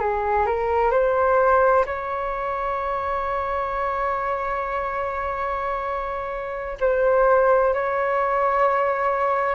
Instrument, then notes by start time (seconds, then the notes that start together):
flute
0.00 G#4
0.46 A#4
0.92 C5
1.86 C#5
6.81 C5
7.74 C#5